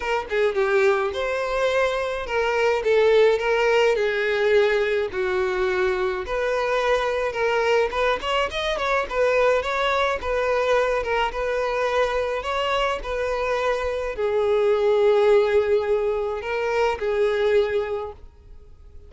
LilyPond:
\new Staff \with { instrumentName = "violin" } { \time 4/4 \tempo 4 = 106 ais'8 gis'8 g'4 c''2 | ais'4 a'4 ais'4 gis'4~ | gis'4 fis'2 b'4~ | b'4 ais'4 b'8 cis''8 dis''8 cis''8 |
b'4 cis''4 b'4. ais'8 | b'2 cis''4 b'4~ | b'4 gis'2.~ | gis'4 ais'4 gis'2 | }